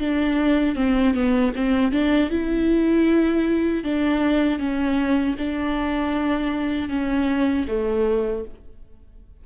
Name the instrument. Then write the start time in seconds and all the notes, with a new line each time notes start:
viola
0.00 D4
0.76 C4
1.15 B3
1.56 C4
1.92 D4
2.31 E4
3.84 D4
4.59 C#4
5.39 D4
6.90 C#4
7.69 A3